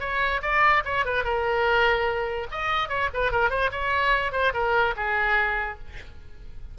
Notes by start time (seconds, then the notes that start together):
0.00 C#5
0.42 D5
0.85 C#5
1.05 B4
1.24 A#4
2.51 D#5
2.89 C#5
3.14 B4
3.32 A#4
3.50 C5
3.72 C#5
4.32 C5
4.53 A#4
4.96 G#4